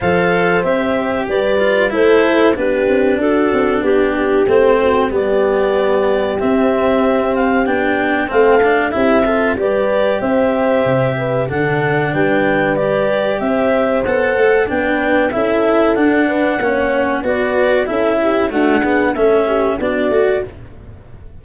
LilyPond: <<
  \new Staff \with { instrumentName = "clarinet" } { \time 4/4 \tempo 4 = 94 f''4 e''4 d''4 c''4 | b'4 a'4 g'4 c''4 | d''2 e''4. f''8 | g''4 f''4 e''4 d''4 |
e''2 fis''4 g''4 | d''4 e''4 fis''4 g''4 | e''4 fis''2 d''4 | e''4 fis''4 e''4 d''4 | }
  \new Staff \with { instrumentName = "horn" } { \time 4/4 c''2 b'4 a'4 | g'4 fis'4 g'4. fis'8 | g'1~ | g'4 a'4 g'8 a'8 b'4 |
c''4. b'8 a'4 b'4~ | b'4 c''2 b'4 | a'4. b'8 cis''4 b'4 | a'8 g'8 fis'8 gis'8 a'8 g'8 fis'4 | }
  \new Staff \with { instrumentName = "cello" } { \time 4/4 a'4 g'4. f'8 e'4 | d'2. c'4 | b2 c'2 | d'4 c'8 d'8 e'8 f'8 g'4~ |
g'2 d'2 | g'2 a'4 d'4 | e'4 d'4 cis'4 fis'4 | e'4 a8 b8 cis'4 d'8 fis'8 | }
  \new Staff \with { instrumentName = "tuba" } { \time 4/4 f4 c'4 g4 a4 | b8 c'8 d'8 c'8 b4 a4 | g2 c'2 | b4 a4 c'4 g4 |
c'4 c4 d4 g4~ | g4 c'4 b8 a8 b4 | cis'4 d'4 ais4 b4 | cis'4 d'4 a4 b8 a8 | }
>>